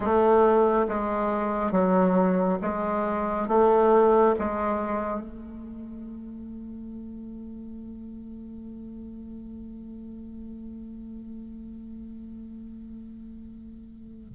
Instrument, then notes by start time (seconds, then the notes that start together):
bassoon
0.00 A3
0.88 G#3
1.72 F#3
2.61 G#3
3.47 A3
4.38 G#3
5.21 A3